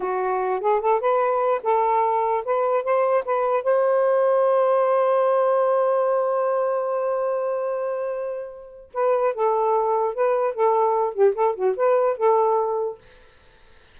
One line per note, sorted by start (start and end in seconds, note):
0.00 0.60 F#4
0.60 0.80 G#4
0.80 1.00 A4
1.00 1.61 B4
1.63 2.44 A4
2.44 2.83 B4
2.83 3.24 C5
3.25 3.63 B4
3.63 8.90 C5
8.93 9.34 B4
9.34 10.14 A4
10.14 10.54 B4
10.54 11.13 A4
11.13 11.34 G4
11.35 11.55 A4
11.55 11.75 F#4
11.76 12.17 B4
12.17 12.98 A4